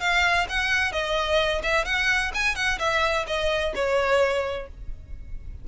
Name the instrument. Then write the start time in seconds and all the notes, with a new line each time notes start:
violin
0.00 F5
0.49 F#5
0.92 D#5
1.63 E5
1.85 F#5
2.34 G#5
2.55 F#5
2.79 E5
3.27 D#5
3.75 C#5